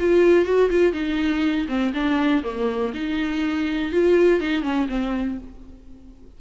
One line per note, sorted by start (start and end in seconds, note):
0.00 0.45 F4
0.45 0.70 F#4
0.70 0.93 F4
0.93 1.67 D#4
1.69 1.93 C4
1.94 2.44 D4
2.44 2.93 A#3
2.94 3.92 D#4
3.92 4.41 F4
4.41 4.63 D#4
4.63 4.88 C#4
4.89 5.38 C4